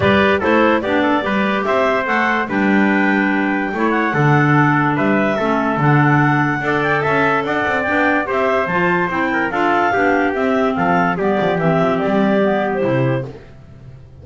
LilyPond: <<
  \new Staff \with { instrumentName = "clarinet" } { \time 4/4 \tempo 4 = 145 d''4 c''4 d''2 | e''4 fis''4 g''2~ | g''4. fis''2~ fis''8 | e''2 fis''2~ |
fis''8 g''8 a''4 fis''4 g''4 | e''4 a''4 g''4 f''4~ | f''4 e''4 f''4 d''4 | e''4 d''4.~ d''16 c''4~ c''16 | }
  \new Staff \with { instrumentName = "trumpet" } { \time 4/4 b'4 a'4 g'8 a'8 b'4 | c''2 b'2~ | b'4 cis''4 a'2 | b'4 a'2. |
d''4 e''4 d''2 | c''2~ c''8 ais'8 a'4 | g'2 a'4 g'4~ | g'1 | }
  \new Staff \with { instrumentName = "clarinet" } { \time 4/4 g'4 e'4 d'4 g'4~ | g'4 a'4 d'2~ | d'4 e'4 d'2~ | d'4 cis'4 d'2 |
a'2. d'4 | g'4 f'4 e'4 f'4 | d'4 c'2 b4 | c'2 b4 e'4 | }
  \new Staff \with { instrumentName = "double bass" } { \time 4/4 g4 a4 b4 g4 | c'4 a4 g2~ | g4 a4 d2 | g4 a4 d2 |
d'4 cis'4 d'8 c'8 b4 | c'4 f4 c'4 d'4 | b4 c'4 f4 g8 f8 | e8 f8 g2 c4 | }
>>